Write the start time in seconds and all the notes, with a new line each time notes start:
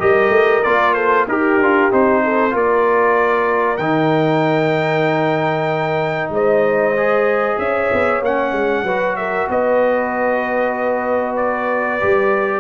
0.00 G3 G4 A#4 D#5
0.30 A3
0.63 A#3 F4 D5
0.94 A4 C5
1.28 D#4 G4 A#4
1.57 D4 F4
1.91 C4 D#4 C5
2.24 A4
2.51 A#3 F4 A#4 D5
3.77 D#3 D#4 G5
6.30 G#3 C5 D#5
6.97 G#4
7.59 C#4 C#5 E5
7.93 B3
8.22 A#3 C#4 F#5
8.53 G#3
8.83 F#3 F#4 B4
9.16 A#4 E5
9.50 B3 B4 D#5
11.37 D5
12.01 G3 G4